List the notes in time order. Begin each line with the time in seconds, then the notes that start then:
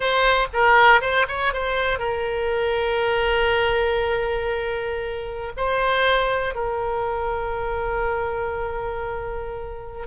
0.00 C5
0.53 A#4
1.01 C5
1.27 C#5
1.53 C5
1.98 A#4
5.56 C5
6.55 A#4